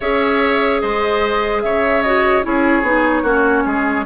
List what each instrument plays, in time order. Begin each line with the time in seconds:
0.00 bassoon C#4, clarinet G#4, oboe C#5, flute E5
0.80 bassoon G#3, oboe C5, flute D#5
1.61 bassoon C#3, oboe C#5, flute E5
2.02 clarinet F#4, flute D#5
2.42 bassoon C#4, clarinet E4, oboe G#4, flute C#5
2.82 bassoon B3, clarinet D#4
3.22 bassoon A#3, clarinet C#4, oboe F#4
3.65 bassoon G#3, oboe G#4